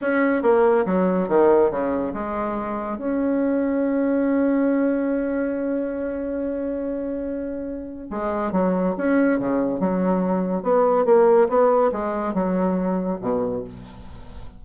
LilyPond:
\new Staff \with { instrumentName = "bassoon" } { \time 4/4 \tempo 4 = 141 cis'4 ais4 fis4 dis4 | cis4 gis2 cis'4~ | cis'1~ | cis'1~ |
cis'2. gis4 | fis4 cis'4 cis4 fis4~ | fis4 b4 ais4 b4 | gis4 fis2 b,4 | }